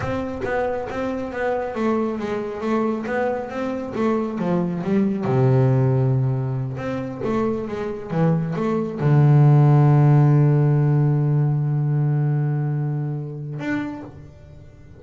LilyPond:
\new Staff \with { instrumentName = "double bass" } { \time 4/4 \tempo 4 = 137 c'4 b4 c'4 b4 | a4 gis4 a4 b4 | c'4 a4 f4 g4 | c2.~ c8 c'8~ |
c'8 a4 gis4 e4 a8~ | a8 d2.~ d8~ | d1~ | d2. d'4 | }